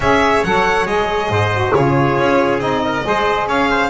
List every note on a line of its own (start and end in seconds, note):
0.00 0.41 C#4
0.00 0.45 G#4
0.00 1.31 C#5
0.00 0.44 E5
0.44 0.86 F#3
0.44 0.85 A4
0.44 0.87 F#5
0.85 1.29 G#3
0.85 1.51 G#4
0.85 1.74 D#5
1.29 1.73 G#2
1.29 1.75 C5
1.53 1.74 F#4
1.74 2.18 C#3
1.74 2.59 F4
1.74 2.84 G#4
1.74 2.60 C#5
2.18 2.59 C#4
2.59 3.02 C4
2.59 3.03 D#4
2.59 3.47 D#5
2.85 3.06 A#4
3.03 3.47 G#3
3.03 3.90 G#4
3.03 3.47 C5
3.47 3.90 C#4
3.47 3.69 C#5
3.47 3.90 F5
3.70 3.90 C5